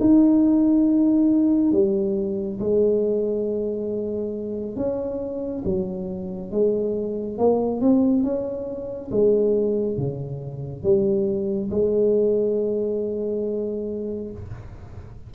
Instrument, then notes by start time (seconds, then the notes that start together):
tuba
0.00 D#4
1.72 G3
2.60 G#3
4.76 C#4
5.65 F#3
6.51 G#3
7.38 A#3
7.81 C4
8.23 C#4
9.11 G#3
9.98 C#3
10.83 G3
11.71 G#3